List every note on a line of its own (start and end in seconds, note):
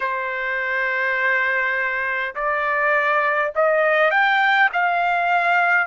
0.00 2.34 C5
2.35 3.52 D5
3.55 4.11 D#5
4.11 4.70 G5
4.72 5.86 F5